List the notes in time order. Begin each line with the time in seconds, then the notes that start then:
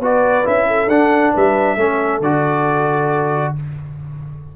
0.00 B3 F#4 B4 D5
0.44 C#4 E4 E5
0.67 A4
0.88 D4 F#5
1.33 G3 B4 E5
1.76 A3 C#4 A4
2.20 D3 F#4 D5